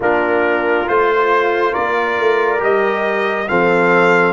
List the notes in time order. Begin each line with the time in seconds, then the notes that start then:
0.00 A#3 D4 F4 A#4
0.87 A3 F4 C5
1.72 A#3 A#4 D5
2.18 A3
2.58 G3 G4 D#5
3.48 F3 C4 A4 F5